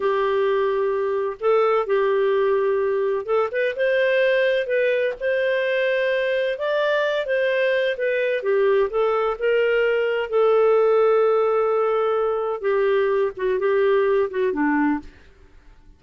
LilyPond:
\new Staff \with { instrumentName = "clarinet" } { \time 4/4 \tempo 4 = 128 g'2. a'4 | g'2. a'8 b'8 | c''2 b'4 c''4~ | c''2 d''4. c''8~ |
c''4 b'4 g'4 a'4 | ais'2 a'2~ | a'2. g'4~ | g'8 fis'8 g'4. fis'8 d'4 | }